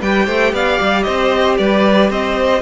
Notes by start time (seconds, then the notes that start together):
0.00 G3 G4 B4 G5
0.26 A3 C5
0.53 B3 D5 F5
0.81 G3
1.03 C4 C5 D#5
1.57 G3 B4 D5
2.10 C4 C5 D#5